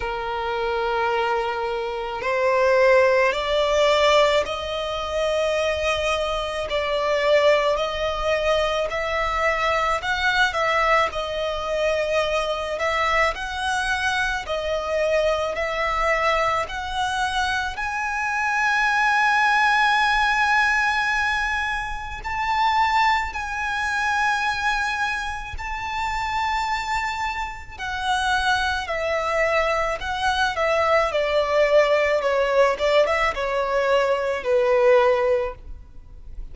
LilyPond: \new Staff \with { instrumentName = "violin" } { \time 4/4 \tempo 4 = 54 ais'2 c''4 d''4 | dis''2 d''4 dis''4 | e''4 fis''8 e''8 dis''4. e''8 | fis''4 dis''4 e''4 fis''4 |
gis''1 | a''4 gis''2 a''4~ | a''4 fis''4 e''4 fis''8 e''8 | d''4 cis''8 d''16 e''16 cis''4 b'4 | }